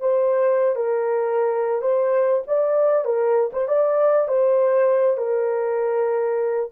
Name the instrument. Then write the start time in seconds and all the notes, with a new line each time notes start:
horn
0.00 C5
0.75 A#4
1.81 C5
2.47 D5
3.05 A#4
3.53 C5
3.68 D5
4.28 C5
5.17 A#4